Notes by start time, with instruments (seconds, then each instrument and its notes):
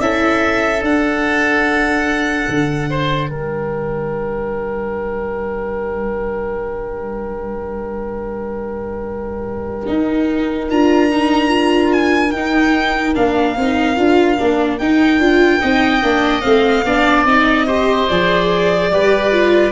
0.00 tuba C#4, viola E4, oboe A4, violin E5
0.82 tuba D4, viola D4, violin F#5
2.48 tuba D3
2.90 oboe C5
3.29 tuba G3, oboe A#4, violin G5
9.87 viola D#4, tuba D#4
10.70 tuba D4, viola F4, violin A#5
11.11 viola D#4
11.48 viola F4
11.92 violin G#5
12.31 tuba D#4, viola D#4, violin G5
13.15 tuba A#3, viola D4, violin F5
13.57 tuba C4, viola D#4
13.96 tuba D4, viola F4
14.37 tuba A#3, viola D4
14.78 tuba D#4, viola D#4, violin G5
15.19 tuba D4, viola F4
15.60 tuba C4, viola D#4, oboe D#5
16.03 tuba A#3, viola D4
16.41 tuba A3, viola C4, violin F5
16.85 tuba B3, viola D4, oboe D5
17.25 tuba C4, viola D#4, violin D#5
17.66 viola G4, oboe C5
18.08 tuba F3, viola G#4, violin D5
18.91 tuba G3, viola G4, oboe B4
19.32 viola F4